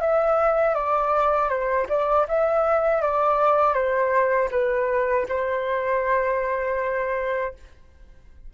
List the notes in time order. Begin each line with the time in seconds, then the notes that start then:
0.00 E5
0.74 D5
1.49 C5
1.89 D5
2.28 E5
3.01 D5
3.74 C5
4.51 B4
5.28 C5